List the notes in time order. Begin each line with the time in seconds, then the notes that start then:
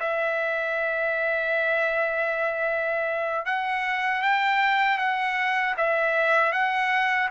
0.00 E5
3.45 F#5
4.22 G5
4.98 F#5
5.77 E5
6.52 F#5